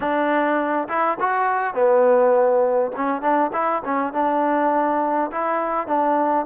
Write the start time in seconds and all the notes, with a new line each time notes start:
0.00 D4
0.88 E4
1.20 F#4
1.74 B3
2.95 C#4
3.21 D4
3.52 E4
3.84 C#4
4.13 D4
5.31 E4
5.87 D4